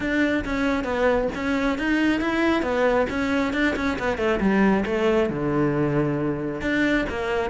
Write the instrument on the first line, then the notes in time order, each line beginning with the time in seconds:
cello
0.00 D4
0.44 C#4
0.84 B3
1.35 C#4
1.78 D#4
2.21 E4
2.62 B3
3.09 C#4
3.53 D4
3.76 C#4
3.98 B3
4.17 A3
4.40 G3
4.85 A3
5.29 D3
6.61 D4
7.09 A#3